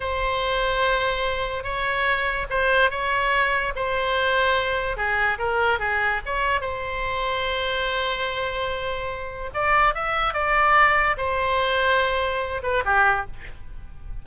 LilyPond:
\new Staff \with { instrumentName = "oboe" } { \time 4/4 \tempo 4 = 145 c''1 | cis''2 c''4 cis''4~ | cis''4 c''2. | gis'4 ais'4 gis'4 cis''4 |
c''1~ | c''2. d''4 | e''4 d''2 c''4~ | c''2~ c''8 b'8 g'4 | }